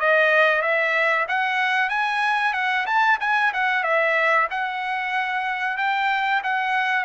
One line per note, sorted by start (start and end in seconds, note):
0.00 0.62 D#5
0.62 1.26 E5
1.28 1.89 F#5
1.89 2.54 G#5
2.54 2.86 F#5
2.87 3.19 A5
3.21 3.53 G#5
3.53 3.83 F#5
3.83 4.48 E5
4.51 5.77 F#5
5.77 6.42 G5
6.44 7.05 F#5